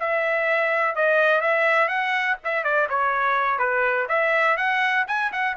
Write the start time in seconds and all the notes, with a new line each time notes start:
0.00 E5
0.96 D#5
1.42 E5
1.88 F#5
2.45 E5
2.64 D5
2.90 C#5
3.59 B4
4.09 E5
4.57 F#5
5.08 G#5
5.33 F#5